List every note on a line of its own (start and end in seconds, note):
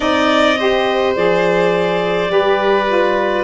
0.00 1.16 C4
0.00 0.56 D#4
0.00 0.57 D5
0.00 1.14 D#5
0.57 1.15 G4
0.57 2.31 C5
1.15 2.30 F3
1.15 2.27 G#4
1.15 3.43 D5
2.27 3.43 G3
2.27 2.85 G4
2.27 3.43 B4
2.87 3.43 F4